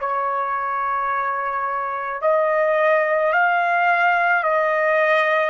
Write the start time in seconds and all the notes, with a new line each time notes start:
0.00 C#5
2.21 D#5
3.33 F5
4.43 D#5